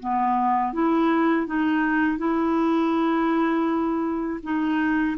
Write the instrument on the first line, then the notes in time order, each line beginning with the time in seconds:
clarinet
0.00 B3
0.73 E4
1.47 D#4
2.18 E4
4.43 D#4